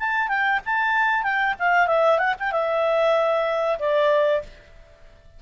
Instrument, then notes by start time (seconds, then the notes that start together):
clarinet
0.00 A5
0.29 G5
0.66 A5
1.23 G5
1.60 F5
1.87 E5
2.19 F#5
2.40 G5
2.52 E5
3.79 D5